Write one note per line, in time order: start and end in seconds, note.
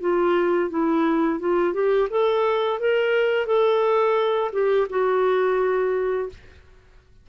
0.00 0.70 F4
0.70 1.39 E4
1.39 1.73 F4
1.73 2.08 G4
2.10 2.79 A4
2.79 3.46 A#4
3.46 4.51 A4
4.52 4.87 G4
4.89 6.29 F#4